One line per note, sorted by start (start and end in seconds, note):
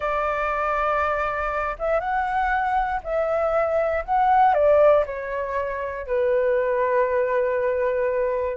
0.00 1.75 D5
1.79 2.00 E5
2.00 3.00 F#5
3.03 4.04 E5
4.05 4.54 F#5
4.54 5.04 D5
5.06 6.06 C#5
6.06 8.57 B4